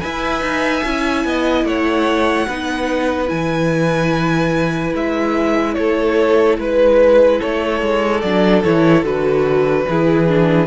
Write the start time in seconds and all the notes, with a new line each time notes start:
0.00 E4 B4 E5 G#5
0.41 D#4
0.84 C#4 E4
1.25 B3 D#5
1.64 A3 C#5 F#5
2.47 B3 D#4 B4
3.27 E3 E4 G#5
4.94 G#3 E5
5.74 A3 A4 C#5
6.58 G#3 B4
7.38 A3 A4 C#5
7.82 G#3
8.21 F#3 D4 D5
8.64 E3 E4 C#5
9.03 D3 F#4 B4
9.89 E3 E4 G#4
10.28 D4